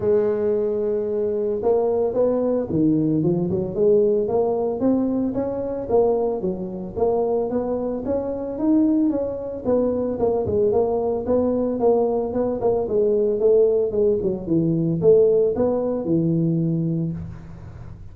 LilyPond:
\new Staff \with { instrumentName = "tuba" } { \time 4/4 \tempo 4 = 112 gis2. ais4 | b4 dis4 f8 fis8 gis4 | ais4 c'4 cis'4 ais4 | fis4 ais4 b4 cis'4 |
dis'4 cis'4 b4 ais8 gis8 | ais4 b4 ais4 b8 ais8 | gis4 a4 gis8 fis8 e4 | a4 b4 e2 | }